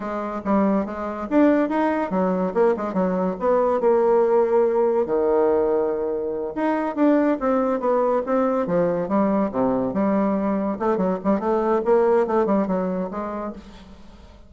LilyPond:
\new Staff \with { instrumentName = "bassoon" } { \time 4/4 \tempo 4 = 142 gis4 g4 gis4 d'4 | dis'4 fis4 ais8 gis8 fis4 | b4 ais2. | dis2.~ dis8 dis'8~ |
dis'8 d'4 c'4 b4 c'8~ | c'8 f4 g4 c4 g8~ | g4. a8 fis8 g8 a4 | ais4 a8 g8 fis4 gis4 | }